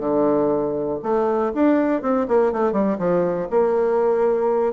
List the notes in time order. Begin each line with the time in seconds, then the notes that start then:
0.00 D3
1.03 A3
1.55 D4
2.02 C4
2.28 A#3
2.53 A3
2.73 G3
2.99 F3
3.51 A#3